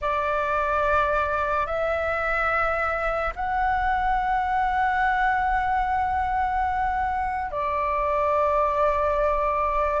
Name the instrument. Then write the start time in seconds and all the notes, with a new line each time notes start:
flute
0.01 D5
1.66 E5
3.35 F#5
7.51 D5